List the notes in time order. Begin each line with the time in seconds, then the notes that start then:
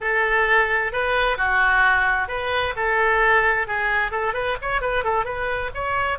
0.00 A4
0.92 B4
1.37 F#4
2.28 B4
2.76 A4
3.67 G#4
4.11 A4
4.33 B4
4.61 C#5
4.81 B4
5.04 A4
5.24 B4
5.74 C#5